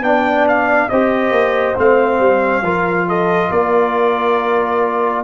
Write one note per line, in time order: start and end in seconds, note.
0.00 0.87 B3
0.00 0.89 D4
0.00 0.90 D5
0.00 0.46 G5
0.48 0.89 F5
0.89 1.30 C4
0.89 1.75 G4
0.89 2.63 C5
0.89 1.76 D#5
1.30 1.74 A#3
1.75 2.19 A3
1.75 2.62 C4
1.75 3.09 F5
2.19 2.62 G3
2.62 3.49 F3
2.62 5.24 F4
2.62 3.07 A#4
3.07 3.50 A4
3.07 3.51 D#5
3.50 5.24 A#3
3.50 5.24 A#4
3.50 5.24 D5